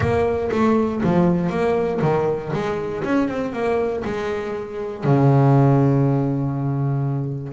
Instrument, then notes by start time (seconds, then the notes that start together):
double bass
0.00 A#3
0.51 A3
1.03 F3
1.49 A#3
2.01 D#3
2.53 G#3
3.04 C#4
3.28 C4
3.52 A#3
4.04 G#3
5.04 C#3